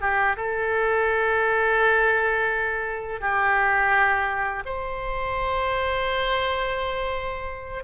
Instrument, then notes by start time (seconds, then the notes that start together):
oboe
0.00 G4
0.36 A4
3.20 G4
4.65 C5